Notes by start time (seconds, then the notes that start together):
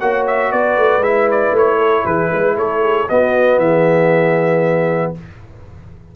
0.00 A#3 F#4 C#5 F#5
0.27 E5
0.52 B3 B4 D5
0.78 A3
0.99 G#3 E4 E5
1.31 D5
1.52 A3 C#5
1.78 A4
2.06 E3 G#4 B4
2.32 G#3 B4
2.57 A3 A4 C#5
2.82 G#4
3.09 B3 F#4 D#5
3.59 E3 G#4 E5